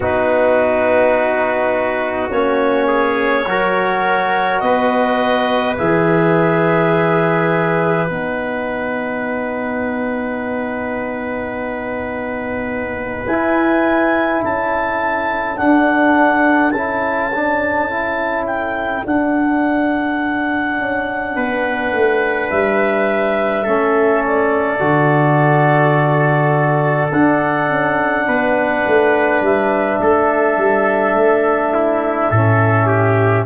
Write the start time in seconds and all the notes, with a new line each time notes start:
0.00 B3 D#4 F#4 B4
2.30 A#3 C#4 C#5
2.87 G#4
3.46 F#3 F#4 A#4
4.59 B3 B4 D#5
5.77 E3 G#4 E5
8.06 B3 D#4 F#5
13.26 E4 G#5
14.43 C#4 A4 A5
15.57 D4 F#5
16.70 C#4 E4 A5
17.34 D4
17.89 E4
18.46 G5
19.04 D4 F#5
20.77 C#4
21.35 B3 B4
21.92 A3
22.50 G3 E5
23.63 A3 C#4 A4
24.26 D5
24.79 D3 F#4
27.11 D4 F#5
27.69 C#4
28.27 B3 B4
28.86 A3
29.41 G3 E5
30.00 A3 A4
30.57 G3
31.14 A3
31.73 E4
32.30 A2 C#4 A4
32.87 G4